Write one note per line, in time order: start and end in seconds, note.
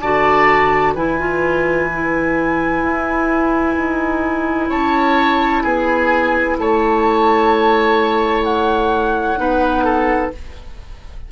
0.00 0.95 D3
0.00 0.96 F#4
0.00 0.94 D5
0.00 0.94 A5
0.94 2.82 E3
0.94 1.19 E4
0.94 4.69 B4
0.94 4.70 G#5
1.19 1.89 F4
1.92 9.37 E4
2.82 3.76 E4
3.76 4.69 D#4
4.69 5.63 C#4
4.69 5.62 C#5
4.69 5.62 A5
5.62 6.57 B3
5.62 6.57 G#4
5.62 6.56 G#5
6.57 9.37 A3
6.57 9.39 C#5
6.57 8.43 A5
8.43 10.30 F#5
9.37 10.30 B3
9.37 10.31 D#4
9.37 9.84 B4
9.84 10.31 A4